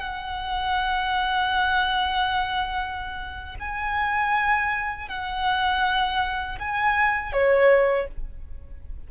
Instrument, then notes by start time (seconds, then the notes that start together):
violin
0.00 F#5
3.60 G#5
5.09 F#5
6.59 G#5
7.33 C#5